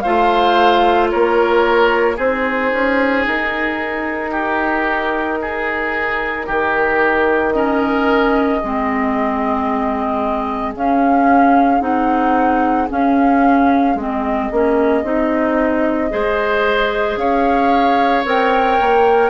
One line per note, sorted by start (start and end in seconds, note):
0.00 1.13 A3
0.00 2.16 F4
0.00 1.10 C5
0.00 1.07 F5
1.10 2.18 A#3
1.10 2.16 A#4
1.10 2.17 C#5
2.16 2.72 C4
2.16 7.51 D#4
2.16 4.30 G#4
2.16 3.26 C5
2.72 3.25 C#4
3.27 6.48 D#4
3.27 7.51 A#4
4.31 5.38 G4
5.41 6.46 G#4
6.46 8.62 D#3
6.46 7.53 G4
7.51 8.61 C#4
7.51 8.59 A#4
7.51 10.72 D#5
8.59 10.75 G#3
8.59 10.75 C4
8.59 16.09 G#4
10.75 11.81 C#4
10.75 11.80 C#4
10.75 11.81 F5
11.80 12.88 C4
11.80 12.87 D#4
11.80 12.88 F#5
12.89 13.96 C#4
12.89 13.95 C#4
12.89 13.98 F5
13.95 14.48 G#3
13.95 14.52 C4
13.95 17.17 D#5
14.51 15.03 A#3
14.51 15.04 C#4
15.03 16.10 C4
15.03 16.10 D#4
16.10 17.16 G#3
16.10 18.24 G#4
16.10 17.19 C5
17.16 18.23 C#4
17.16 19.30 C#5
17.16 18.24 F5
18.25 18.79 C4
18.25 19.30 A#4
18.25 19.30 G5
18.81 19.30 A#3